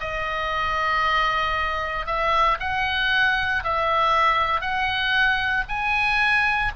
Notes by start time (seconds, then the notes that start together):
0.00 D#5
2.06 E5
2.60 F#5
3.63 E5
4.61 F#5
5.68 G#5